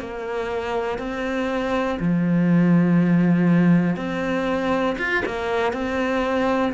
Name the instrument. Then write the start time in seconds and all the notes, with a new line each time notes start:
cello
0.00 A#3
0.99 C4
2.00 F3
3.97 C4
4.99 F4
5.25 A#3
5.73 C4